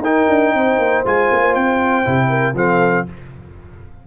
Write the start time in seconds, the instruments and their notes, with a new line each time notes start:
0.00 tuba D#4, trombone D#4, horn A#4, trumpet G5
0.29 tuba D4
0.54 tuba C4, horn C5
0.79 tuba A#3
1.06 tuba G#3, trombone F4, trumpet G#5
1.32 tuba A#3
1.55 tuba C4, trumpet G5
2.05 tuba C3, trombone E4
2.29 horn A#4
2.55 tuba F3, trombone C4, horn A4, trumpet F5